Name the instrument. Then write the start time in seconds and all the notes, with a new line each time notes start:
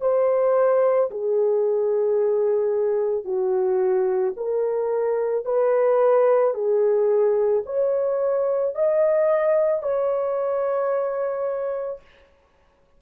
horn
0.00 C5
1.10 G#4
3.24 F#4
4.36 A#4
5.45 B4
6.54 G#4
7.66 C#5
8.75 D#5
9.82 C#5